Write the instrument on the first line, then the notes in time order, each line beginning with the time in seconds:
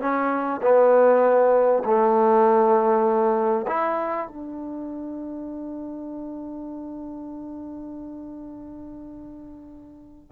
trombone
0.00 C#4
0.61 B3
1.84 A3
3.67 E4
4.27 D4